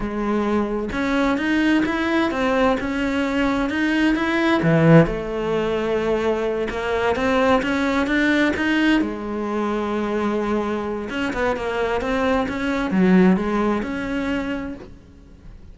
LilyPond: \new Staff \with { instrumentName = "cello" } { \time 4/4 \tempo 4 = 130 gis2 cis'4 dis'4 | e'4 c'4 cis'2 | dis'4 e'4 e4 a4~ | a2~ a8 ais4 c'8~ |
c'8 cis'4 d'4 dis'4 gis8~ | gis1 | cis'8 b8 ais4 c'4 cis'4 | fis4 gis4 cis'2 | }